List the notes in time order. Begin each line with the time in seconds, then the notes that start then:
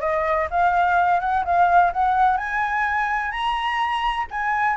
0.00 D#5
0.50 F5
1.20 F#5
1.44 F5
1.92 F#5
2.37 G#5
3.31 A#5
4.30 G#5